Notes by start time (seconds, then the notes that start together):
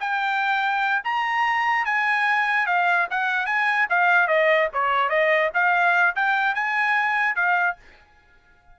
0.00 G5
1.04 A#5
1.85 G#5
2.66 F5
3.10 F#5
3.46 G#5
3.89 F5
4.27 D#5
4.73 C#5
5.09 D#5
5.54 F5
6.15 G5
6.55 G#5
7.35 F5